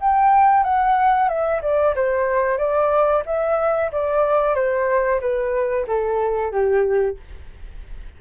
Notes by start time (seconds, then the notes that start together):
0.00 G5
0.63 F#5
1.28 E5
1.62 D5
1.95 C5
2.57 D5
3.25 E5
3.91 D5
4.54 C5
5.20 B4
5.87 A4
6.51 G4